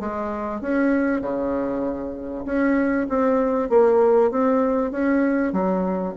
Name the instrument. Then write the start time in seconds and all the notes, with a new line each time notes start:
bassoon
0.00 G#3
0.61 C#4
1.21 C#3
2.46 C#4
3.09 C4
3.70 A#3
4.31 C4
4.92 C#4
5.53 F#3